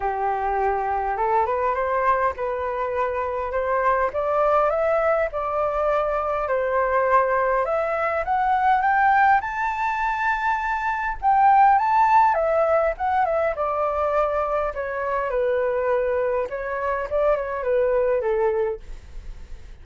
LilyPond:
\new Staff \with { instrumentName = "flute" } { \time 4/4 \tempo 4 = 102 g'2 a'8 b'8 c''4 | b'2 c''4 d''4 | e''4 d''2 c''4~ | c''4 e''4 fis''4 g''4 |
a''2. g''4 | a''4 e''4 fis''8 e''8 d''4~ | d''4 cis''4 b'2 | cis''4 d''8 cis''8 b'4 a'4 | }